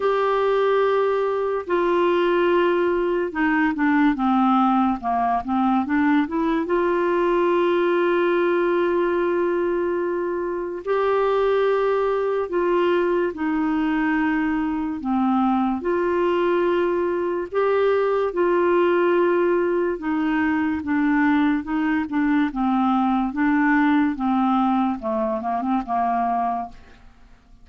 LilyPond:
\new Staff \with { instrumentName = "clarinet" } { \time 4/4 \tempo 4 = 72 g'2 f'2 | dis'8 d'8 c'4 ais8 c'8 d'8 e'8 | f'1~ | f'4 g'2 f'4 |
dis'2 c'4 f'4~ | f'4 g'4 f'2 | dis'4 d'4 dis'8 d'8 c'4 | d'4 c'4 a8 ais16 c'16 ais4 | }